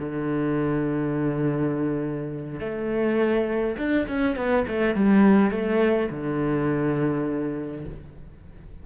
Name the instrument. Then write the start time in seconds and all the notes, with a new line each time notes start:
cello
0.00 D3
2.60 A3
3.78 D4
4.08 C#4
4.36 B3
4.68 A3
4.96 G3
5.52 A3
6.11 D3